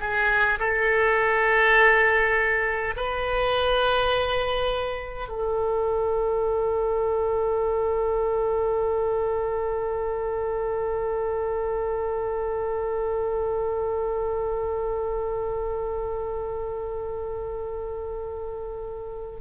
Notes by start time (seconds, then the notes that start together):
0.00 G#4
0.59 A4
2.96 B4
5.28 A4